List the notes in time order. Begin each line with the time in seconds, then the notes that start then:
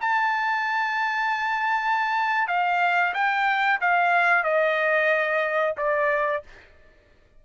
0.00 A5
2.48 F5
3.13 G5
3.80 F5
4.44 D#5
5.77 D5